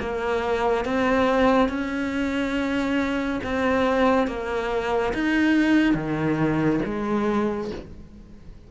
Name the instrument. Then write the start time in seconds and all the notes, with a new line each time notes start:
cello
0.00 A#3
0.85 C4
1.69 C#4
3.44 C4
4.27 A#3
5.14 D#4
5.95 D#3
6.85 G#3